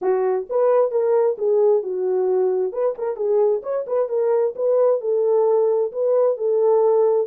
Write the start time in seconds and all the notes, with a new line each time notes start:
0.01 F#4
0.49 B4
0.91 A#4
1.38 G#4
1.83 F#4
2.72 B4
2.98 A#4
3.16 G#4
3.63 C#5
3.86 B4
4.08 A#4
4.55 B4
5.00 A4
5.92 B4
6.37 A4